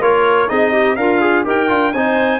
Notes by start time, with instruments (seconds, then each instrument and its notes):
0.00 tuba A#3, trombone F4, clarinet A#4, trumpet C#5
0.48 tuba C4, trombone D#4, clarinet G#4, trumpet D#5
0.72 clarinet G4
0.96 tuba D4, clarinet F4, trombone A#4, trumpet F5
1.21 trombone G#4
1.44 tuba D#4, trombone G4, clarinet A#4, trumpet G5
1.68 tuba D4, trombone F4
1.93 tuba C4, trombone D#4, clarinet C5, trumpet G#5